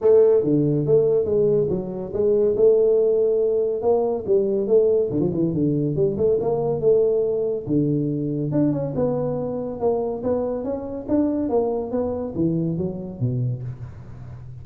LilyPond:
\new Staff \with { instrumentName = "tuba" } { \time 4/4 \tempo 4 = 141 a4 d4 a4 gis4 | fis4 gis4 a2~ | a4 ais4 g4 a4 | d16 f16 e8 d4 g8 a8 ais4 |
a2 d2 | d'8 cis'8 b2 ais4 | b4 cis'4 d'4 ais4 | b4 e4 fis4 b,4 | }